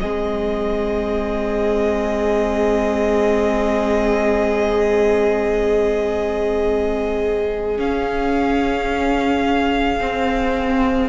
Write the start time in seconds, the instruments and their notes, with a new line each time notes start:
0.00 cello G#3, viola C4, violin G#4 D#5
7.76 viola C#4, cello C#4, violin F5
10.00 viola C4, cello C4